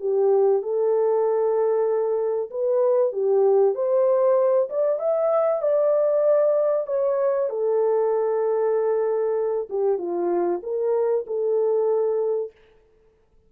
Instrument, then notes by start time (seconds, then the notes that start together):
horn
0.00 G4
0.62 A4
2.50 B4
3.12 G4
3.75 C5
4.69 D5
4.99 E5
5.62 D5
6.87 C#5
7.49 A4
9.70 G4
9.98 F4
10.62 A#4
11.27 A4